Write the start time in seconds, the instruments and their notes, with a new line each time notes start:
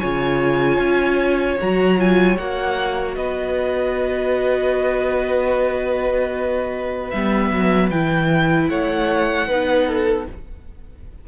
0.00 cello C#3, viola F4, violin C#5 G#5
0.78 cello C#4
1.60 cello F#3, viola F#4, violin A#5
1.98 viola F4, violin G#5
2.38 cello A#3, viola F#4, violin F#5
3.16 cello B3, violin B4 D#5
7.11 cello G3, viola B3, violin E5
7.51 cello F#3
7.90 cello E3, viola E4, violin G5
8.69 cello A3, violin C#5 F#5
9.48 cello B3, viola D#4, violin B4
9.87 violin A4